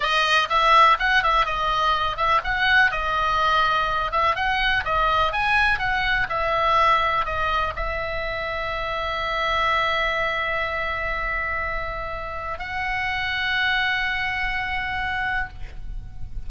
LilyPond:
\new Staff \with { instrumentName = "oboe" } { \time 4/4 \tempo 4 = 124 dis''4 e''4 fis''8 e''8 dis''4~ | dis''8 e''8 fis''4 dis''2~ | dis''8 e''8 fis''4 dis''4 gis''4 | fis''4 e''2 dis''4 |
e''1~ | e''1~ | e''2 fis''2~ | fis''1 | }